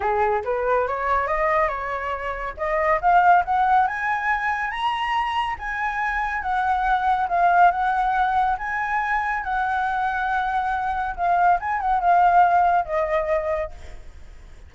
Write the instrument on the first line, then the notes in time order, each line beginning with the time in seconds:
flute
0.00 G#4
0.44 B4
0.87 C#5
1.27 D#5
1.68 C#5
2.57 D#5
3.01 F5
3.44 F#5
3.87 G#5
4.70 A#5
5.58 G#5
6.42 F#5
7.28 F5
7.71 F#5
8.58 G#5
9.43 F#5
11.15 F5
11.60 G#5
11.80 F#5
12.00 F5
12.85 D#5